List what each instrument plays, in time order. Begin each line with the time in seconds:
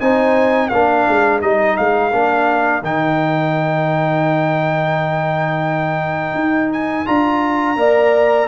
0.00 tuba C4, trombone D#4, horn C5, trumpet G#5
0.67 tuba A#3, trombone D4, horn A#4, trumpet F5
1.08 tuba G#3
1.40 tuba G3, trombone D#4, trumpet D#5
1.77 tuba G#3, trumpet F5
2.12 tuba A#3, trombone D4
2.82 tuba D#3, trombone D#4, trumpet G5
6.34 tuba D#4
6.72 trumpet G#5
7.06 tuba D4, trombone F4, trumpet A#5
7.76 tuba A#3, trombone A#4, horn D5